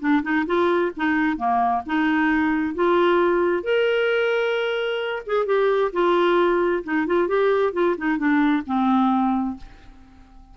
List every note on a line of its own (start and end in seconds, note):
0.00 0.23 D4
0.23 0.46 D#4
0.47 0.92 F4
0.97 1.38 D#4
1.38 1.83 A#3
1.87 2.75 D#4
2.75 3.64 F4
3.64 5.23 A#4
5.27 5.46 G#4
5.46 5.92 G4
5.93 6.84 F4
6.84 7.07 D#4
7.07 7.28 F4
7.28 7.73 G4
7.73 7.96 F4
7.98 8.18 D#4
8.18 8.64 D4
8.67 9.58 C4